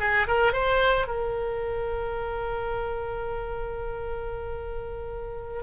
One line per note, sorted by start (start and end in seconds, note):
0.00 0.27 G#4
0.28 0.53 A#4
0.53 1.07 C5
1.08 5.64 A#4